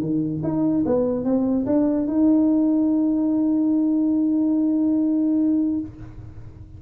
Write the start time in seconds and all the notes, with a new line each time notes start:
0.00 D#3
0.43 D#4
0.85 B3
1.24 C4
1.66 D4
2.07 D#4